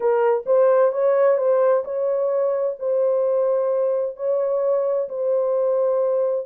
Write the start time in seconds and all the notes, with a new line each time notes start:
0.00 A#4
0.46 C5
0.92 C#5
1.37 C5
1.84 C#5
2.79 C5
4.16 C#5
5.08 C5